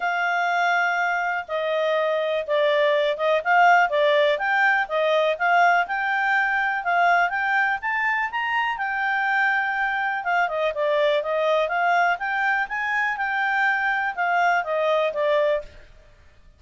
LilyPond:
\new Staff \with { instrumentName = "clarinet" } { \time 4/4 \tempo 4 = 123 f''2. dis''4~ | dis''4 d''4. dis''8 f''4 | d''4 g''4 dis''4 f''4 | g''2 f''4 g''4 |
a''4 ais''4 g''2~ | g''4 f''8 dis''8 d''4 dis''4 | f''4 g''4 gis''4 g''4~ | g''4 f''4 dis''4 d''4 | }